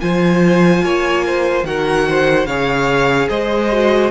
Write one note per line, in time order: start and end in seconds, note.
0.00 0.82 F3
0.00 1.64 F4
0.00 0.84 C5
0.00 1.64 G#5
0.82 1.63 A#3
0.82 1.25 C#5
1.26 1.67 C5
1.63 2.45 D#3
1.63 2.46 F#4
1.63 2.08 A#4
1.63 2.46 F#5
2.08 2.48 C5
2.45 3.28 C#3
2.45 3.71 G#4
2.45 3.28 C#5
2.45 3.28 F5
3.28 4.11 G#3
3.28 4.11 C5
3.28 4.11 D#5
3.71 4.11 F#4